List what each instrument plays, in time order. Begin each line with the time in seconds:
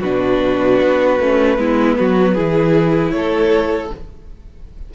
0.00 cello B2, viola D4, violin F#4 B4
0.81 cello B3
1.19 cello A3, viola C#4
1.58 cello G#3, viola B3, violin E4
1.99 cello F#3, violin F#4
2.34 cello E3, viola E4, violin G#4
3.11 cello A3, violin A4 C#5